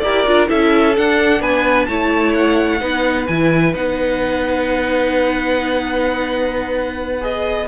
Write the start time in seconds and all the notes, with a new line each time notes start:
0.00 E4 G4 A#4 D5
0.26 D4 F4
0.47 C#4 E4 A4 E5
0.97 D4 F#5
1.41 B3 B4 G#5
1.86 A3 E4 C#5 A5
2.34 F#5
2.80 B3 D#4 B4
3.27 E3 E4 G#5
3.74 B3 D#4 F#5
7.21 G#4 D#5